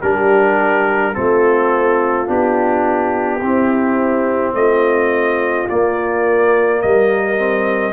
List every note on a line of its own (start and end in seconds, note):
0.00 1.17 G3
0.00 1.13 D4
0.00 1.13 G4
0.00 1.14 A#4
1.13 2.28 A3
1.13 2.26 C4
1.13 3.42 F4
1.13 2.28 A4
2.27 3.42 B3
2.27 3.40 D4
2.27 4.54 G4
3.42 4.54 C4
3.42 5.69 C4
3.42 4.55 E4
4.54 5.67 A3
4.54 6.84 F4
4.54 5.68 D#5
5.69 7.37 A#3
5.69 6.83 A#3
5.69 6.82 D5
6.82 7.93 G3
6.82 7.93 A#4
6.82 7.93 D#5
7.37 7.93 C4